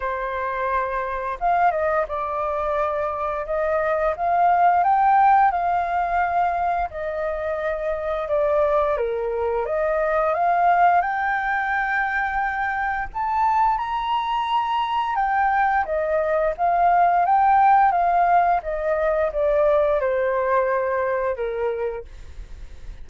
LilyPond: \new Staff \with { instrumentName = "flute" } { \time 4/4 \tempo 4 = 87 c''2 f''8 dis''8 d''4~ | d''4 dis''4 f''4 g''4 | f''2 dis''2 | d''4 ais'4 dis''4 f''4 |
g''2. a''4 | ais''2 g''4 dis''4 | f''4 g''4 f''4 dis''4 | d''4 c''2 ais'4 | }